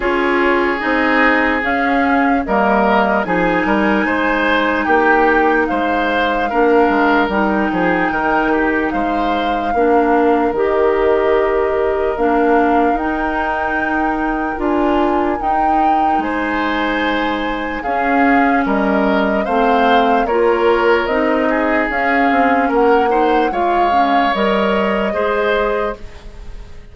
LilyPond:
<<
  \new Staff \with { instrumentName = "flute" } { \time 4/4 \tempo 4 = 74 cis''4 dis''4 f''4 dis''4 | gis''2 g''4 f''4~ | f''4 g''2 f''4~ | f''4 dis''2 f''4 |
g''2 gis''4 g''4 | gis''2 f''4 dis''4 | f''4 cis''4 dis''4 f''4 | fis''4 f''4 dis''2 | }
  \new Staff \with { instrumentName = "oboe" } { \time 4/4 gis'2. ais'4 | gis'8 ais'8 c''4 g'4 c''4 | ais'4. gis'8 ais'8 g'8 c''4 | ais'1~ |
ais'1 | c''2 gis'4 ais'4 | c''4 ais'4. gis'4. | ais'8 c''8 cis''2 c''4 | }
  \new Staff \with { instrumentName = "clarinet" } { \time 4/4 f'4 dis'4 cis'4 ais4 | dis'1 | d'4 dis'2. | d'4 g'2 d'4 |
dis'2 f'4 dis'4~ | dis'2 cis'2 | c'4 f'4 dis'4 cis'4~ | cis'8 dis'8 f'8 cis'8 ais'4 gis'4 | }
  \new Staff \with { instrumentName = "bassoon" } { \time 4/4 cis'4 c'4 cis'4 g4 | f8 g8 gis4 ais4 gis4 | ais8 gis8 g8 f8 dis4 gis4 | ais4 dis2 ais4 |
dis'2 d'4 dis'4 | gis2 cis'4 g4 | a4 ais4 c'4 cis'8 c'8 | ais4 gis4 g4 gis4 | }
>>